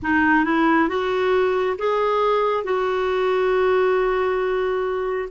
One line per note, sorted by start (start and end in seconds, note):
0.02 0.44 D#4
0.44 0.88 E4
0.88 1.76 F#4
1.78 2.64 G#4
2.64 5.29 F#4